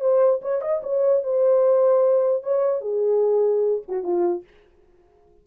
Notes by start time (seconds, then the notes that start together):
0.00 C5
0.42 C#5
0.61 D#5
0.83 C#5
1.23 C5
2.43 C#5
2.81 G#4
3.88 F#4
4.03 F4